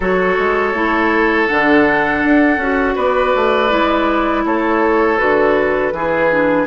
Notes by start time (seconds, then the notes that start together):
0.00 F#3 F#4 A4 C#5
0.38 G#3
0.72 A3 E4
1.48 D3 D4 F#5
2.24 D4
2.57 C#4 F#4
2.95 B3 B4 D5
3.35 A3
3.69 G#3 E4
4.44 A3 A4 C#5
5.17 D3 F#4 B4
5.92 E3 E4 G#4
6.31 D4